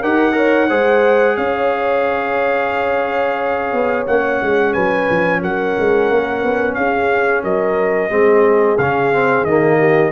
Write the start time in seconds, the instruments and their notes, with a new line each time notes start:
0.00 tuba D#4, trombone G4, horn A#4, trumpet F#5
0.32 trombone A#4, horn C#5
0.68 tuba G#3, trombone G#4, horn C5
1.36 tuba C#4, horn C#5, trumpet F5
3.72 tuba B3
4.06 tuba A#3, trombone C#4, trumpet F#5
4.41 tuba G#3
4.73 tuba F#3, horn B4, trumpet G#5
5.10 tuba F3
5.41 tuba F#3, horn A#4, trumpet F#5
5.79 tuba G#3
6.10 tuba A#3
6.42 tuba B3
6.74 tuba C#4, horn G#4, trumpet F5
7.43 tuba F#3, horn A#4, trumpet D#5
8.10 tuba G#3, trombone C4, horn G#4
8.78 tuba C#3, trombone C#4, trumpet F5
9.13 trombone C4
9.43 tuba D#3, trombone A#3, trumpet D#5
9.78 horn G4